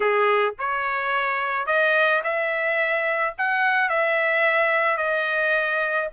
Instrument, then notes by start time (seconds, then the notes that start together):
trumpet
0.00 G#4
0.58 C#5
1.66 D#5
2.23 E5
3.38 F#5
3.89 E5
4.97 D#5